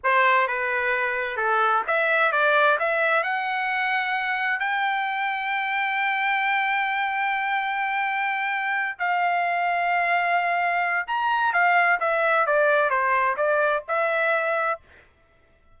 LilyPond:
\new Staff \with { instrumentName = "trumpet" } { \time 4/4 \tempo 4 = 130 c''4 b'2 a'4 | e''4 d''4 e''4 fis''4~ | fis''2 g''2~ | g''1~ |
g''2.~ g''8 f''8~ | f''1 | ais''4 f''4 e''4 d''4 | c''4 d''4 e''2 | }